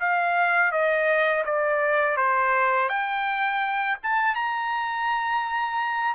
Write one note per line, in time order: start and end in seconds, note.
0.00 0.72 F5
0.72 1.44 D#5
1.45 2.17 D5
2.17 2.89 C5
2.89 3.97 G5
4.03 4.35 A5
4.35 6.14 A#5